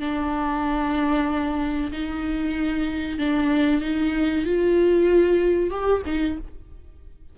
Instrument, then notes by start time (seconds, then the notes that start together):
viola
0.00 D4
1.92 D#4
3.18 D4
3.82 D#4
4.45 F4
5.71 G4
6.06 D#4